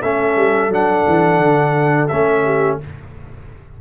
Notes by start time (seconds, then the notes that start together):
0.00 A3 C#4 A4 E5
0.36 G3
0.69 F#3 D4 F#5
1.07 E3
1.38 D3
2.08 A3 C#4 E5
2.44 G4